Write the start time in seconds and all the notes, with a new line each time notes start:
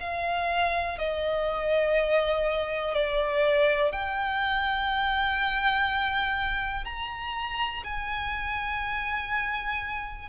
0.00 F5
0.98 D#5
2.95 D5
3.92 G5
6.85 A#5
7.84 G#5